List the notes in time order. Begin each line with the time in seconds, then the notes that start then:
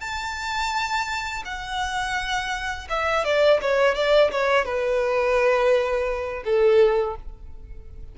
0.00 A5
1.45 F#5
2.89 E5
3.24 D5
3.61 C#5
3.95 D5
4.31 C#5
4.65 B4
6.44 A4